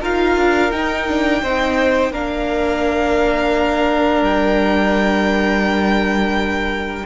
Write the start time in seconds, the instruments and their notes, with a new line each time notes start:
0.00 cello D#4, viola F4, violin A#4 F5
0.37 cello D4
0.71 viola D#4, cello D#4, violin G5
1.08 viola D4
1.42 cello C4, viola D#4, violin C5
2.11 cello A#3, viola D4, violin A#4 F5
4.21 cello G3, violin G5